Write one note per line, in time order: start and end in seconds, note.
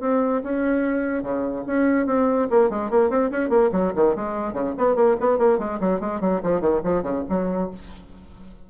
0.00 0.41 C4
0.43 1.22 C#4
1.22 1.64 C#3
1.66 2.06 C#4
2.06 2.48 C4
2.50 2.70 A#3
2.70 2.90 G#3
2.90 3.10 A#3
3.10 3.30 C4
3.31 3.49 C#4
3.49 3.70 A#3
3.71 3.92 F#3
3.95 4.15 D#3
4.15 4.53 G#3
4.53 4.73 C#3
4.78 4.95 B3
4.95 5.16 A#3
5.20 5.38 B3
5.38 5.58 A#3
5.58 5.79 G#3
5.80 6.00 F#3
6.00 6.20 G#3
6.20 6.41 F#3
6.43 6.60 F3
6.60 6.81 D#3
6.84 7.03 F3
7.03 7.23 C#3
7.29 7.70 F#3